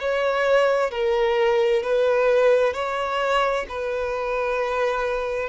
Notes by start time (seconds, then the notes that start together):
0.00 C#5
0.90 A#4
1.83 B4
2.73 C#5
3.68 B4